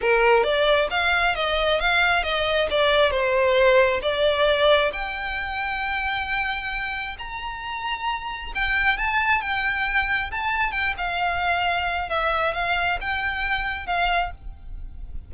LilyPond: \new Staff \with { instrumentName = "violin" } { \time 4/4 \tempo 4 = 134 ais'4 d''4 f''4 dis''4 | f''4 dis''4 d''4 c''4~ | c''4 d''2 g''4~ | g''1 |
ais''2. g''4 | a''4 g''2 a''4 | g''8 f''2~ f''8 e''4 | f''4 g''2 f''4 | }